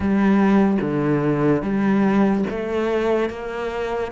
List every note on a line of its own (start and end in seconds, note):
0.00 0.78 G3
0.81 1.62 D3
1.62 2.44 G3
2.50 3.29 A3
3.29 4.11 A#3